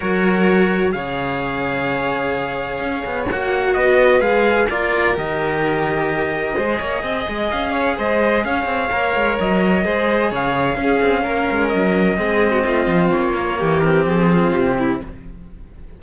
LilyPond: <<
  \new Staff \with { instrumentName = "trumpet" } { \time 4/4 \tempo 4 = 128 cis''2 f''2~ | f''2. fis''4 | dis''4 f''4 d''4 dis''4~ | dis''1 |
f''4 dis''4 f''2 | dis''2 f''2~ | f''4 dis''2. | cis''4. ais'8 gis'4 g'4 | }
  \new Staff \with { instrumentName = "violin" } { \time 4/4 ais'2 cis''2~ | cis''1 | b'2 ais'2~ | ais'2 c''8 cis''8 dis''4~ |
dis''8 cis''8 c''4 cis''2~ | cis''4 c''4 cis''4 gis'4 | ais'2 gis'8. fis'16 f'4~ | f'4 g'4. f'4 e'8 | }
  \new Staff \with { instrumentName = "cello" } { \time 4/4 fis'2 gis'2~ | gis'2. fis'4~ | fis'4 gis'4 f'4 g'4~ | g'2 gis'2~ |
gis'2. ais'4~ | ais'4 gis'2 cis'4~ | cis'2 c'2~ | c'8 ais4 c'2~ c'8 | }
  \new Staff \with { instrumentName = "cello" } { \time 4/4 fis2 cis2~ | cis2 cis'8 b8 ais4 | b4 gis4 ais4 dis4~ | dis2 gis8 ais8 c'8 gis8 |
cis'4 gis4 cis'8 c'8 ais8 gis8 | fis4 gis4 cis4 cis'8 c'8 | ais8 gis8 fis4 gis4 a8 f8 | ais4 e4 f4 c4 | }
>>